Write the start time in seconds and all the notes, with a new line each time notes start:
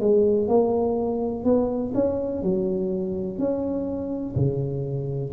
0.00 G#3
0.48 A#3
1.44 B3
1.94 C#4
2.42 F#3
3.38 C#4
4.35 C#3